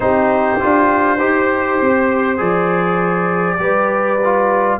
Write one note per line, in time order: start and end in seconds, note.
0.00 0.58 C4
0.00 0.59 D#4
0.00 1.17 G4
0.00 2.39 C5
0.60 1.20 D4
0.60 1.18 F4
1.17 1.79 D#4
1.17 2.37 G4
1.17 3.57 C5
1.80 2.40 C4
2.37 3.59 F3
2.37 3.57 G#4
2.37 4.79 D5
3.58 4.79 G3
3.58 4.19 G4
3.58 4.79 B4
4.24 4.79 F4